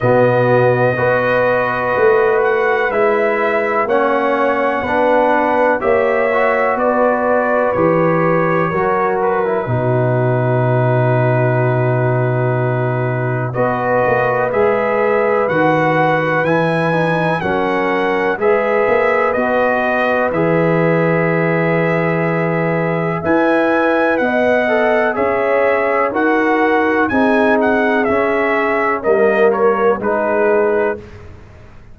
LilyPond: <<
  \new Staff \with { instrumentName = "trumpet" } { \time 4/4 \tempo 4 = 62 dis''2~ dis''8 fis''8 e''4 | fis''2 e''4 d''4 | cis''4. b'2~ b'8~ | b'2 dis''4 e''4 |
fis''4 gis''4 fis''4 e''4 | dis''4 e''2. | gis''4 fis''4 e''4 fis''4 | gis''8 fis''8 e''4 dis''8 cis''8 b'4 | }
  \new Staff \with { instrumentName = "horn" } { \time 4/4 fis'4 b'2. | cis''4 b'4 cis''4 b'4~ | b'4 ais'4 fis'2~ | fis'2 b'2~ |
b'2 ais'4 b'4~ | b'1 | e''4 dis''4 cis''4 ais'4 | gis'2 ais'4 gis'4 | }
  \new Staff \with { instrumentName = "trombone" } { \time 4/4 b4 fis'2 e'4 | cis'4 d'4 g'8 fis'4. | g'4 fis'8. e'16 dis'2~ | dis'2 fis'4 gis'4 |
fis'4 e'8 dis'8 cis'4 gis'4 | fis'4 gis'2. | b'4. a'8 gis'4 fis'4 | dis'4 cis'4 ais4 dis'4 | }
  \new Staff \with { instrumentName = "tuba" } { \time 4/4 b,4 b4 a4 gis4 | ais4 b4 ais4 b4 | e4 fis4 b,2~ | b,2 b8 ais8 gis4 |
dis4 e4 fis4 gis8 ais8 | b4 e2. | e'4 b4 cis'4 dis'4 | c'4 cis'4 g4 gis4 | }
>>